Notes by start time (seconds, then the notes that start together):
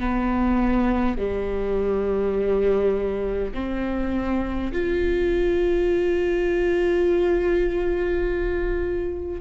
0.00 B3
1.18 G3
3.54 C4
4.72 F4